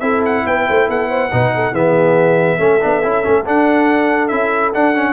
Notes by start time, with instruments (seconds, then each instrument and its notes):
0.00 tuba C4, trombone E4, horn A4, trumpet E5
0.25 trumpet F#5
0.45 tuba B3, horn B4, trumpet G5
0.66 tuba A3, horn C5
0.89 tuba B3, horn A4, trumpet F#5
1.09 horn C5
1.32 tuba B2, trombone D#4, horn B4
1.55 horn A4
1.72 tuba E3, trombone B3, horn G#4, trumpet E5
2.58 tuba A3, trombone C#4, horn A4
2.81 tuba B3, trombone D4
3.03 tuba C#4, trombone E4
3.23 tuba A3, trombone C#4
3.45 trombone D4, tuba D4, trumpet F#5
4.28 tuba C#4, trombone E4, trumpet E5
4.74 trombone D4, tuba D4, trumpet F#5
4.95 trombone C#4